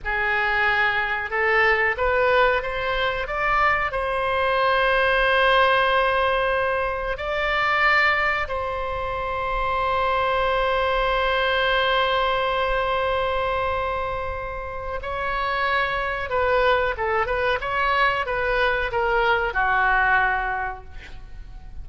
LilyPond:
\new Staff \with { instrumentName = "oboe" } { \time 4/4 \tempo 4 = 92 gis'2 a'4 b'4 | c''4 d''4 c''2~ | c''2. d''4~ | d''4 c''2.~ |
c''1~ | c''2. cis''4~ | cis''4 b'4 a'8 b'8 cis''4 | b'4 ais'4 fis'2 | }